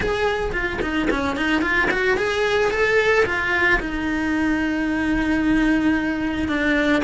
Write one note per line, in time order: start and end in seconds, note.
0.00 0.52 G#4
0.52 0.79 F4
0.81 1.08 D#4
1.10 1.36 C#4
1.36 1.61 D#4
1.61 1.88 F4
1.90 2.17 F#4
2.17 2.70 G#4
2.70 3.24 A4
3.25 3.79 F4
3.80 6.48 D#4
6.48 7.02 D4